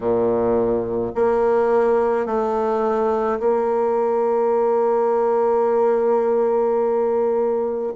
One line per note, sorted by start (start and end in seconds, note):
0.00 1.12 A#2
1.15 2.26 A#3
2.26 3.39 A3
3.40 7.92 A#3